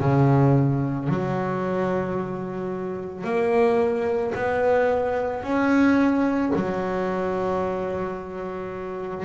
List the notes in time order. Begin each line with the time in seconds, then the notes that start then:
0.00 C#3
1.09 F#3
3.24 A#3
4.35 B3
5.43 C#4
6.55 F#3